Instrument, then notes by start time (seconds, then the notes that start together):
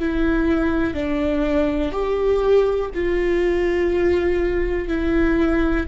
viola
0.00 E4
0.94 D4
1.92 G4
2.95 F4
4.88 E4